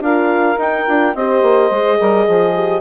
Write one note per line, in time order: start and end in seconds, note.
0.00 0.56 D4
0.00 0.57 F4
0.00 1.16 A#4
0.00 0.59 F5
0.57 0.85 D#4
0.57 0.86 D#4
0.57 1.15 G5
0.87 1.15 D4
0.87 1.15 F4
1.15 1.42 C4
1.15 1.72 G4
1.15 1.98 C5
1.15 2.81 D#5
1.42 1.70 A#3
1.70 1.98 G#3
1.70 2.55 G#4
1.98 2.27 G3
1.98 2.25 A#4
2.25 2.81 F3
2.25 2.81 G#4
2.55 2.81 G4